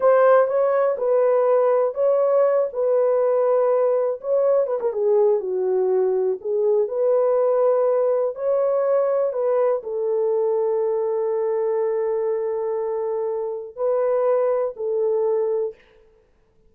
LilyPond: \new Staff \with { instrumentName = "horn" } { \time 4/4 \tempo 4 = 122 c''4 cis''4 b'2 | cis''4. b'2~ b'8~ | b'8 cis''4 b'16 ais'16 gis'4 fis'4~ | fis'4 gis'4 b'2~ |
b'4 cis''2 b'4 | a'1~ | a'1 | b'2 a'2 | }